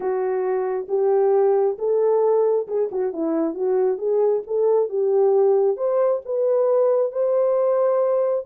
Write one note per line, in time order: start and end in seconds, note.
0.00 0.86 F#4
0.88 1.77 G4
1.78 2.67 A4
2.67 2.89 G#4
2.91 3.12 F#4
3.12 3.54 E4
3.54 3.97 F#4
3.97 4.42 G#4
4.47 4.89 A4
4.89 5.76 G4
5.76 6.21 C5
6.25 7.12 B4
7.12 8.45 C5